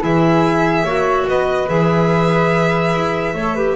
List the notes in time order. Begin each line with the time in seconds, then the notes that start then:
0.00 E3 E4 G#4 E5
0.84 A#3 F#4 C#5
1.27 B3 B4 D#5
1.67 E3 G#4 E5
2.94 E4
3.34 A3 A4 C#5
3.55 G4 B4